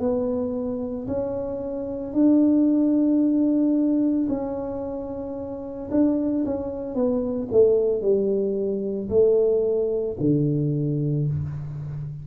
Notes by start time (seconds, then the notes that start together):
0.00 B3
1.07 C#4
2.13 D4
4.29 C#4
5.91 D4
6.45 C#4
6.94 B3
7.51 A3
8.02 G3
9.09 A3
10.20 D3